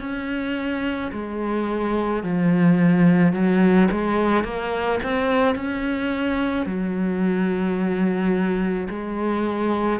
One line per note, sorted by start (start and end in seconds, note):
0.00 1.11 C#4
1.12 2.23 G#3
2.23 3.33 F3
3.33 3.88 F#3
3.91 4.44 G#3
4.44 4.99 A#3
5.03 5.55 C4
5.55 6.66 C#4
6.66 8.88 F#3
8.89 10.00 G#3